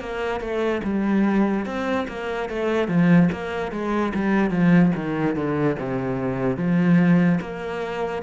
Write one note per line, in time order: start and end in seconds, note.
0.00 0.40 A#3
0.40 0.81 A3
0.83 1.66 G3
1.66 2.07 C4
2.08 2.49 A#3
2.49 2.88 A3
2.88 3.29 F3
3.32 3.72 A#3
3.72 4.13 G#3
4.14 4.51 G3
4.51 4.92 F3
4.95 5.35 D#3
5.35 5.76 D3
5.79 6.57 C3
6.57 7.39 F3
7.41 8.22 A#3